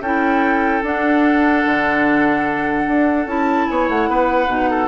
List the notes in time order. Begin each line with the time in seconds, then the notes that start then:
0.00 C#4 E4 A4 G5
0.82 D4 F#5
1.65 D3
2.87 D4
3.26 C#4 E4 A5
3.68 B3 C#5 G#5
3.88 A3 F#5
4.08 B3 B4
4.47 B2 D#4
4.70 A4